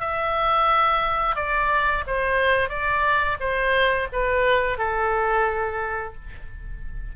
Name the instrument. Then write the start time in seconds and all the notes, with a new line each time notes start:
oboe
0.00 E5
1.35 D5
2.07 C5
2.69 D5
3.40 C5
4.12 B4
4.78 A4